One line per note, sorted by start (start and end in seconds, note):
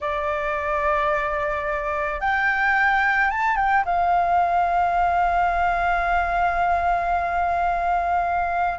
0.00 2.20 D5
2.20 3.30 G5
3.30 3.56 A5
3.56 3.84 G5
3.85 8.79 F5